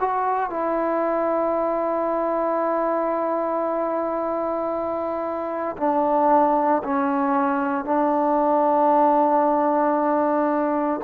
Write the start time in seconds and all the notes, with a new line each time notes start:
0.00 F#4
0.50 E4
5.77 D4
6.83 C#4
7.85 D4